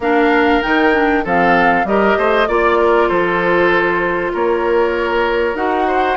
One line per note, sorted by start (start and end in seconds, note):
0.00 0.60 A#3
0.00 0.62 D4
0.00 1.23 A#4
0.00 0.62 F5
0.62 1.24 D#3
0.62 0.93 D#4
0.62 1.24 G5
0.93 1.24 D4
1.23 1.84 F3
1.23 1.86 C4
1.23 1.85 A4
1.23 1.87 F5
1.84 2.15 G3
1.84 2.47 G4
1.84 2.18 A#4
1.84 2.47 D#5
2.17 2.48 A3
2.17 2.48 C5
2.47 3.09 A#3
2.47 5.55 F4
2.47 3.08 D5
2.47 2.78 D5
2.78 3.08 A#4
3.08 4.33 F3
3.08 4.32 A4
3.08 4.32 C5
4.33 5.54 A#3
4.33 5.87 A#4
4.33 5.56 C#5
5.54 6.16 D#4
5.54 6.16 F#4
5.54 6.16 F#5
5.87 6.16 C5